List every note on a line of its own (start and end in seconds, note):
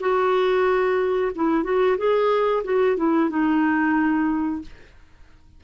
0.00 1.32 F#4
1.35 1.64 E4
1.64 1.97 F#4
1.98 2.63 G#4
2.64 2.97 F#4
2.97 3.30 E4
3.30 4.62 D#4